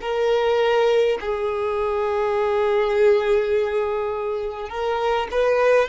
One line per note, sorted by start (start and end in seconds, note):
0.00 1.18 A#4
1.20 4.69 G#4
4.69 5.28 A#4
5.31 5.88 B4